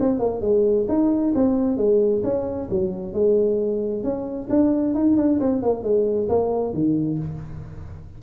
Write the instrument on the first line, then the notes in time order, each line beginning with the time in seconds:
tuba
0.00 C4
0.19 A#3
0.41 G#3
0.88 D#4
1.35 C4
1.77 G#3
2.24 C#4
2.70 F#3
3.13 G#3
4.03 C#4
4.49 D4
4.94 D#4
5.17 D4
5.40 C4
5.62 A#3
5.83 G#3
6.29 A#3
6.73 D#3